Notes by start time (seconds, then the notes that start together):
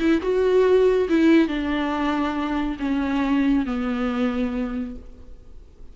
0.00 E4
0.22 F#4
1.09 E4
1.48 D4
2.80 C#4
3.66 B3